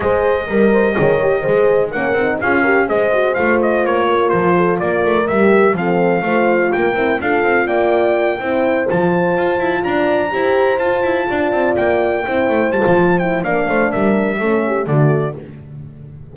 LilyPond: <<
  \new Staff \with { instrumentName = "trumpet" } { \time 4/4 \tempo 4 = 125 dis''1 | fis''4 f''4 dis''4 f''8 dis''8 | cis''4 c''4 d''4 e''4 | f''2 g''4 f''4 |
g''2~ g''8 a''4.~ | a''8 ais''2 a''4.~ | a''8 g''2 a''4 g''8 | f''4 e''2 d''4 | }
  \new Staff \with { instrumentName = "horn" } { \time 4/4 c''4 ais'8 c''8 cis''4 c''4 | ais'4 gis'8 ais'8 c''2~ | c''8 ais'4 a'8 ais'2 | a'4 c''4 ais'4 a'4 |
d''4. c''2~ c''8~ | c''8 d''4 c''2 d''8~ | d''4. c''2~ c''8 | d''8 c''8 ais'4 a'8 g'8 fis'4 | }
  \new Staff \with { instrumentName = "horn" } { \time 4/4 gis'4 ais'4 gis'8 g'8 gis'4 | cis'8 dis'8 f'8 g'8 gis'8 fis'8 f'4~ | f'2. g'4 | c'4 f'4. e'8 f'4~ |
f'4. e'4 f'4.~ | f'4. g'4 f'4.~ | f'4. e'4 f'4 e'8 | d'2 cis'4 a4 | }
  \new Staff \with { instrumentName = "double bass" } { \time 4/4 gis4 g4 dis4 gis4 | ais8 c'8 cis'4 gis4 a4 | ais4 f4 ais8 a8 g4 | f4 a4 ais8 c'8 d'8 c'8 |
ais4. c'4 f4 f'8 | e'8 d'4 e'4 f'8 e'8 d'8 | c'8 ais4 c'8 a8 g16 f4~ f16 | ais8 a8 g4 a4 d4 | }
>>